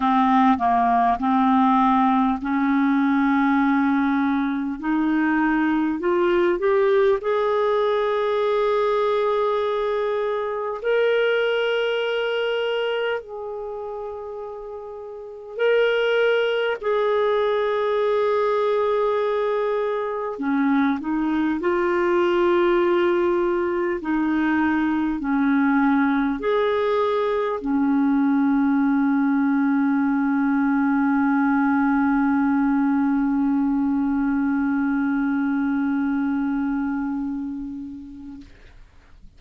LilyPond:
\new Staff \with { instrumentName = "clarinet" } { \time 4/4 \tempo 4 = 50 c'8 ais8 c'4 cis'2 | dis'4 f'8 g'8 gis'2~ | gis'4 ais'2 gis'4~ | gis'4 ais'4 gis'2~ |
gis'4 cis'8 dis'8 f'2 | dis'4 cis'4 gis'4 cis'4~ | cis'1~ | cis'1 | }